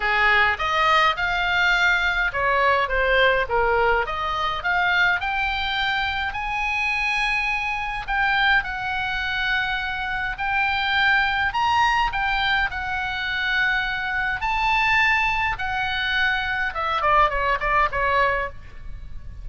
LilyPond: \new Staff \with { instrumentName = "oboe" } { \time 4/4 \tempo 4 = 104 gis'4 dis''4 f''2 | cis''4 c''4 ais'4 dis''4 | f''4 g''2 gis''4~ | gis''2 g''4 fis''4~ |
fis''2 g''2 | ais''4 g''4 fis''2~ | fis''4 a''2 fis''4~ | fis''4 e''8 d''8 cis''8 d''8 cis''4 | }